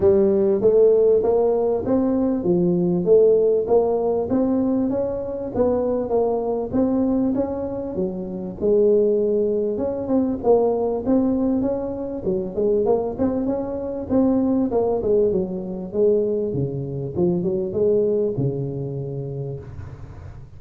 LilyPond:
\new Staff \with { instrumentName = "tuba" } { \time 4/4 \tempo 4 = 98 g4 a4 ais4 c'4 | f4 a4 ais4 c'4 | cis'4 b4 ais4 c'4 | cis'4 fis4 gis2 |
cis'8 c'8 ais4 c'4 cis'4 | fis8 gis8 ais8 c'8 cis'4 c'4 | ais8 gis8 fis4 gis4 cis4 | f8 fis8 gis4 cis2 | }